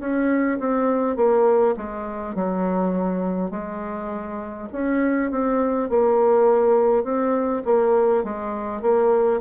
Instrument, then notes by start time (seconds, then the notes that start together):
bassoon
0.00 C#4
0.59 C4
1.17 A#3
1.76 G#3
2.35 F#3
3.51 G#3
4.72 C#4
5.31 C4
5.89 A#3
7.04 C4
7.65 A#3
8.24 G#3
8.82 A#3